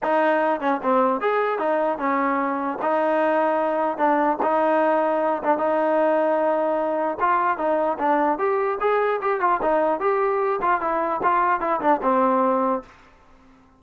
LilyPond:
\new Staff \with { instrumentName = "trombone" } { \time 4/4 \tempo 4 = 150 dis'4. cis'8 c'4 gis'4 | dis'4 cis'2 dis'4~ | dis'2 d'4 dis'4~ | dis'4. d'8 dis'2~ |
dis'2 f'4 dis'4 | d'4 g'4 gis'4 g'8 f'8 | dis'4 g'4. f'8 e'4 | f'4 e'8 d'8 c'2 | }